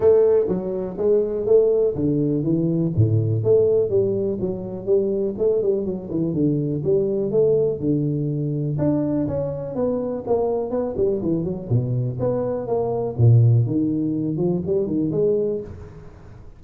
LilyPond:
\new Staff \with { instrumentName = "tuba" } { \time 4/4 \tempo 4 = 123 a4 fis4 gis4 a4 | d4 e4 a,4 a4 | g4 fis4 g4 a8 g8 | fis8 e8 d4 g4 a4 |
d2 d'4 cis'4 | b4 ais4 b8 g8 e8 fis8 | b,4 b4 ais4 ais,4 | dis4. f8 g8 dis8 gis4 | }